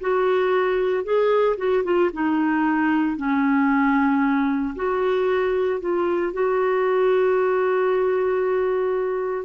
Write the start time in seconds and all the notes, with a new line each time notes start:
0.00 F#4
1.03 G#4
1.56 F#4
1.84 F4
2.13 D#4
3.16 C#4
4.75 F#4
5.80 F4
6.33 F#4